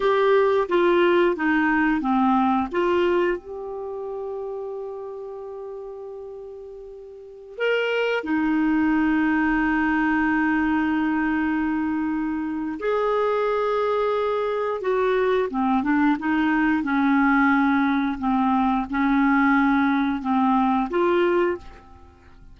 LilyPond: \new Staff \with { instrumentName = "clarinet" } { \time 4/4 \tempo 4 = 89 g'4 f'4 dis'4 c'4 | f'4 g'2.~ | g'2.~ g'16 ais'8.~ | ais'16 dis'2.~ dis'8.~ |
dis'2. gis'4~ | gis'2 fis'4 c'8 d'8 | dis'4 cis'2 c'4 | cis'2 c'4 f'4 | }